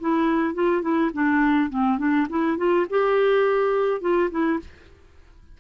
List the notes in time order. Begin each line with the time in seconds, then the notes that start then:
0.00 E4
0.54 F4
0.82 E4
1.13 D4
1.69 C4
1.98 D4
2.29 E4
2.57 F4
2.90 G4
4.01 F4
4.31 E4